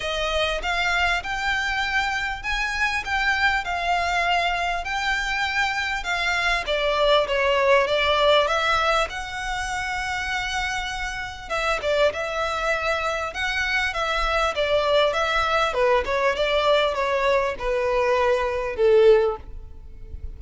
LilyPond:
\new Staff \with { instrumentName = "violin" } { \time 4/4 \tempo 4 = 99 dis''4 f''4 g''2 | gis''4 g''4 f''2 | g''2 f''4 d''4 | cis''4 d''4 e''4 fis''4~ |
fis''2. e''8 d''8 | e''2 fis''4 e''4 | d''4 e''4 b'8 cis''8 d''4 | cis''4 b'2 a'4 | }